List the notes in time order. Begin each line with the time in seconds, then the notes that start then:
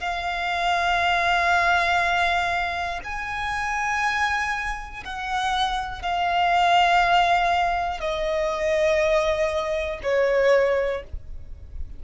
0.00 F5
3.04 G#5
5.05 F#5
6.02 F5
8.00 D#5
10.03 C#5